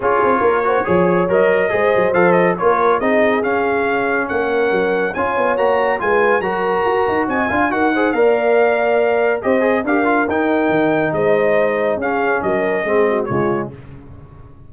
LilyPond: <<
  \new Staff \with { instrumentName = "trumpet" } { \time 4/4 \tempo 4 = 140 cis''2. dis''4~ | dis''4 f''8 dis''8 cis''4 dis''4 | f''2 fis''2 | gis''4 ais''4 gis''4 ais''4~ |
ais''4 gis''4 fis''4 f''4~ | f''2 dis''4 f''4 | g''2 dis''2 | f''4 dis''2 cis''4 | }
  \new Staff \with { instrumentName = "horn" } { \time 4/4 gis'4 ais'8 c''8 cis''2 | c''2 ais'4 gis'4~ | gis'2 ais'2 | cis''2 b'4 ais'4~ |
ais'4 dis''8 f''8 ais'8 c''8 d''4~ | d''2 c''4 ais'4~ | ais'2 c''2 | gis'4 ais'4 gis'8 fis'8 f'4 | }
  \new Staff \with { instrumentName = "trombone" } { \time 4/4 f'4. fis'8 gis'4 ais'4 | gis'4 a'4 f'4 dis'4 | cis'1 | f'4 fis'4 f'4 fis'4~ |
fis'4. f'8 fis'8 gis'8 ais'4~ | ais'2 g'8 gis'8 g'8 f'8 | dis'1 | cis'2 c'4 gis4 | }
  \new Staff \with { instrumentName = "tuba" } { \time 4/4 cis'8 c'8 ais4 f4 fis4 | gis8 fis8 f4 ais4 c'4 | cis'2 ais4 fis4 | cis'8 b8 ais4 gis4 fis4 |
fis'8 dis'8 c'8 d'8 dis'4 ais4~ | ais2 c'4 d'4 | dis'4 dis4 gis2 | cis'4 fis4 gis4 cis4 | }
>>